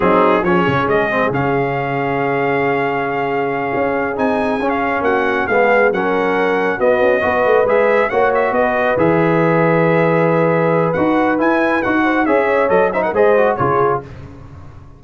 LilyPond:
<<
  \new Staff \with { instrumentName = "trumpet" } { \time 4/4 \tempo 4 = 137 gis'4 cis''4 dis''4 f''4~ | f''1~ | f''4. gis''4~ gis''16 f''8. fis''8~ | fis''8 f''4 fis''2 dis''8~ |
dis''4. e''4 fis''8 e''8 dis''8~ | dis''8 e''2.~ e''8~ | e''4 fis''4 gis''4 fis''4 | e''4 dis''8 e''16 fis''16 dis''4 cis''4 | }
  \new Staff \with { instrumentName = "horn" } { \time 4/4 dis'4 gis'2.~ | gis'1~ | gis'2.~ gis'8 fis'8~ | fis'8 gis'4 ais'2 fis'8~ |
fis'8 b'2 cis''4 b'8~ | b'1~ | b'2.~ b'8 c''8 | cis''4. c''16 ais'16 c''4 gis'4 | }
  \new Staff \with { instrumentName = "trombone" } { \time 4/4 c'4 cis'4. c'8 cis'4~ | cis'1~ | cis'4. dis'4 cis'4.~ | cis'8 b4 cis'2 b8~ |
b8 fis'4 gis'4 fis'4.~ | fis'8 gis'2.~ gis'8~ | gis'4 fis'4 e'4 fis'4 | gis'4 a'8 dis'8 gis'8 fis'8 f'4 | }
  \new Staff \with { instrumentName = "tuba" } { \time 4/4 fis4 f8 cis8 gis4 cis4~ | cis1~ | cis8 cis'4 c'4 cis'4 ais8~ | ais8 gis4 fis2 b8 |
cis'8 b8 a8 gis4 ais4 b8~ | b8 e2.~ e8~ | e4 dis'4 e'4 dis'4 | cis'4 fis4 gis4 cis4 | }
>>